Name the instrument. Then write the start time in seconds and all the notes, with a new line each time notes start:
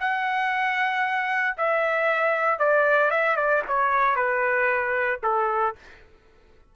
trumpet
0.00 F#5
1.57 E5
2.59 D5
3.11 E5
3.37 D5
3.68 C#5
4.16 B4
5.23 A4